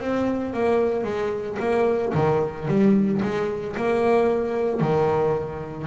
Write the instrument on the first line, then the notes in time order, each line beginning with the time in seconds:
double bass
0.00 C4
0.54 A#3
1.04 G#3
1.60 A#3
2.14 D#3
2.68 G3
3.22 G#3
3.77 A#3
4.81 D#3